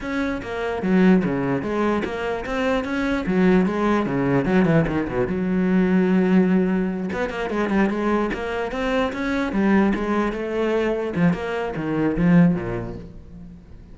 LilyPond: \new Staff \with { instrumentName = "cello" } { \time 4/4 \tempo 4 = 148 cis'4 ais4 fis4 cis4 | gis4 ais4 c'4 cis'4 | fis4 gis4 cis4 fis8 e8 | dis8 b,8 fis2.~ |
fis4. b8 ais8 gis8 g8 gis8~ | gis8 ais4 c'4 cis'4 g8~ | g8 gis4 a2 f8 | ais4 dis4 f4 ais,4 | }